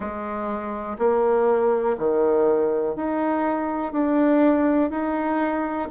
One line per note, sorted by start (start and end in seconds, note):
0.00 0.97 G#3
0.98 1.96 A#3
1.98 2.95 D#3
2.95 3.92 D#4
3.92 4.90 D4
4.90 5.88 D#4